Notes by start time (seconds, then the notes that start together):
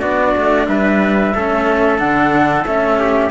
0.00 B3 D4 F#4 D5
0.37 A3
0.68 G3 B4 E5
1.35 A3 C#4 A4
1.98 D3 D4 F#5
2.64 A3 C#4 E5
2.99 G4